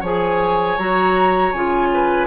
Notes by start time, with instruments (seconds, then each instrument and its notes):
0.00 bassoon F3, clarinet G#4, oboe C#5, flute G#5
0.78 bassoon F#3, clarinet F#4, flute A#5
1.52 bassoon C#3, clarinet F4, flute G#5
1.93 oboe B4